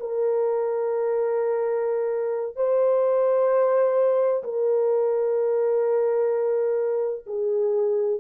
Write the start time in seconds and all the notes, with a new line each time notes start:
0.00 A#4
2.56 C5
4.44 A#4
7.27 G#4